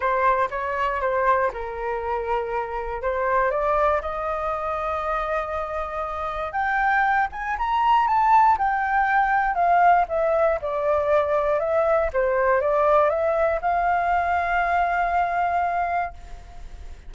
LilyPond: \new Staff \with { instrumentName = "flute" } { \time 4/4 \tempo 4 = 119 c''4 cis''4 c''4 ais'4~ | ais'2 c''4 d''4 | dis''1~ | dis''4 g''4. gis''8 ais''4 |
a''4 g''2 f''4 | e''4 d''2 e''4 | c''4 d''4 e''4 f''4~ | f''1 | }